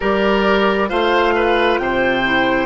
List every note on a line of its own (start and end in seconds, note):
0.00 0.90 G3
0.00 0.88 G4
0.00 0.89 A#4
0.00 0.89 D5
0.88 1.78 A3
0.88 2.22 F4
0.88 1.34 C5
0.88 1.78 F5
1.35 1.79 B4
1.78 2.66 C3
1.78 2.66 C5
1.78 2.66 G5
2.24 2.66 E4